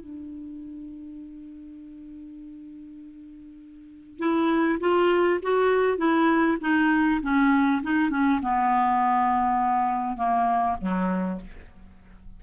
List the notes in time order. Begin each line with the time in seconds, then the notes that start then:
0.00 D4
4.19 E4
4.80 F4
5.43 F#4
5.98 E4
6.61 D#4
7.22 C#4
7.83 D#4
8.10 C#4
8.42 B3
10.17 A#3
10.81 F#3